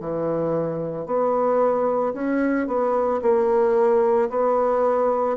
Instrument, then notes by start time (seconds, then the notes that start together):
bassoon
0.00 E3
1.06 B3
2.13 C#4
2.67 B3
3.21 A#3
4.29 B3